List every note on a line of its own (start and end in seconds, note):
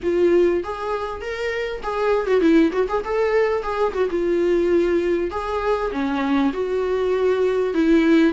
0.02 0.63 F4
0.63 1.21 G#4
1.21 1.81 A#4
1.82 2.26 G#4
2.26 2.40 F#4
2.40 2.71 E4
2.72 2.87 F#4
2.88 3.03 G#4
3.04 3.63 A4
3.63 3.93 G#4
3.93 4.09 F#4
4.10 5.30 F4
5.30 5.91 G#4
5.91 6.52 C#4
6.53 7.74 F#4
7.74 8.32 E4